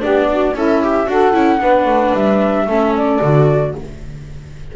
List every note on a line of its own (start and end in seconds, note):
0.00 0.53 B3
0.00 0.53 D4
0.00 0.27 G4
0.00 0.56 D5
0.30 0.55 F#4
0.53 1.06 C#4
0.53 1.08 E4
0.53 0.83 A4
0.53 1.09 E5
0.83 1.07 G4
1.07 1.33 D4
1.07 1.33 F#4
1.07 1.60 A4
1.07 2.15 F#5
1.33 1.60 C#4
1.33 1.59 E4
1.60 1.85 B3
1.60 2.68 D4
1.60 2.65 B4
1.85 2.12 A3
2.14 2.66 G3
2.14 2.95 E5
2.65 3.20 A3
2.65 3.21 C#4
2.65 3.72 A4
2.96 3.76 D5
3.22 3.75 D3
3.22 3.76 F#4